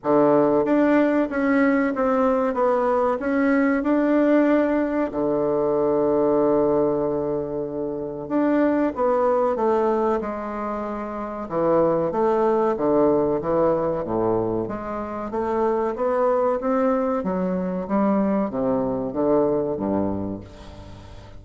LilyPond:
\new Staff \with { instrumentName = "bassoon" } { \time 4/4 \tempo 4 = 94 d4 d'4 cis'4 c'4 | b4 cis'4 d'2 | d1~ | d4 d'4 b4 a4 |
gis2 e4 a4 | d4 e4 a,4 gis4 | a4 b4 c'4 fis4 | g4 c4 d4 g,4 | }